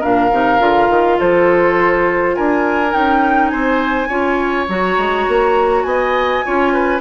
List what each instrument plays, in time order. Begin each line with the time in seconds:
0.00 bassoon A#2, clarinet D4, oboe A#4, flute F5
0.31 bassoon C3, clarinet D#4
0.59 bassoon D3, clarinet F4
0.89 bassoon D#3
1.19 bassoon F3, oboe A4, flute C5
2.36 bassoon D4, oboe A#4, flute G#5
2.91 bassoon C#4, clarinet D#4, flute G5
3.49 bassoon C4, oboe C5, flute G#5
4.09 bassoon C#4, clarinet F4, oboe C#5
4.69 bassoon F#3, clarinet F#4, flute A#5
4.98 bassoon G#3
5.28 bassoon A#3
5.83 bassoon B3, oboe D#5, flute G#5
6.45 bassoon C#4, clarinet F4, oboe C#5
6.73 oboe B4